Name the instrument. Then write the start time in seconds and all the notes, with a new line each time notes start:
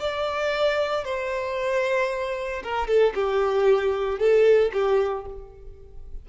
violin
0.00 D5
1.05 C5
2.64 A#4
2.88 A4
3.15 G4
4.19 A4
4.73 G4